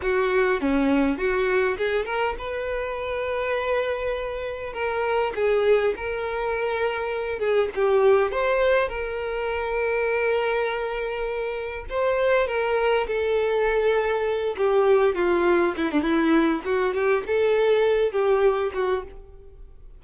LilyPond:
\new Staff \with { instrumentName = "violin" } { \time 4/4 \tempo 4 = 101 fis'4 cis'4 fis'4 gis'8 ais'8 | b'1 | ais'4 gis'4 ais'2~ | ais'8 gis'8 g'4 c''4 ais'4~ |
ais'1 | c''4 ais'4 a'2~ | a'8 g'4 f'4 e'16 d'16 e'4 | fis'8 g'8 a'4. g'4 fis'8 | }